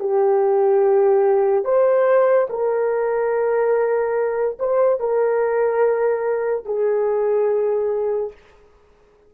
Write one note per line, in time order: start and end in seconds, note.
0.00 1.64 G4
1.64 2.48 C5
2.50 4.58 A#4
4.59 5.00 C5
5.00 6.66 A#4
6.66 8.32 G#4